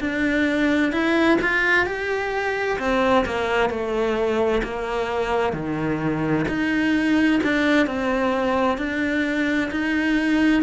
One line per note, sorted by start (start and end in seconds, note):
0.00 0.92 D4
0.92 1.38 E4
1.42 1.86 F4
1.86 2.79 G4
2.79 3.25 C4
3.26 3.70 A#3
3.70 4.62 A3
4.64 5.53 A#3
5.53 6.45 D#3
6.48 7.41 D#4
7.43 7.87 D4
7.87 8.78 C4
8.78 9.70 D4
9.71 10.63 D#4